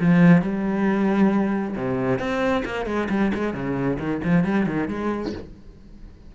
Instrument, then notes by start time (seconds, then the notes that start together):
cello
0.00 F3
0.41 G3
1.75 C3
2.19 C4
2.65 A#3
2.86 G#3
3.09 G3
3.34 G#3
3.54 C#3
3.99 D#3
4.24 F3
4.44 G3
4.66 D#3
4.88 G#3